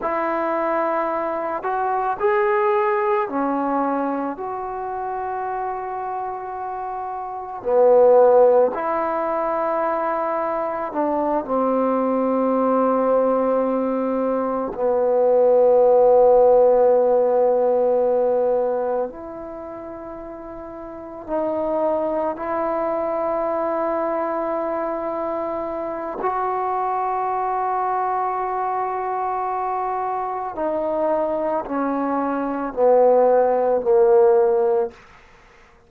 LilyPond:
\new Staff \with { instrumentName = "trombone" } { \time 4/4 \tempo 4 = 55 e'4. fis'8 gis'4 cis'4 | fis'2. b4 | e'2 d'8 c'4.~ | c'4. b2~ b8~ |
b4. e'2 dis'8~ | dis'8 e'2.~ e'8 | fis'1 | dis'4 cis'4 b4 ais4 | }